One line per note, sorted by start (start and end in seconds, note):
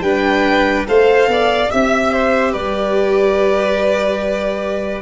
0.00 0.83 G3
0.00 0.86 D4
0.00 0.86 B4
0.00 0.85 G5
0.87 1.27 A3
0.87 1.70 A4
0.87 1.30 C5
0.87 1.70 F5
1.27 1.69 B3
1.27 1.71 D5
1.70 2.55 C4
1.70 5.02 G4
1.70 2.52 E5
1.70 2.12 E5
2.13 2.51 C5
2.51 5.02 G3
2.51 5.01 B4
2.51 5.02 D5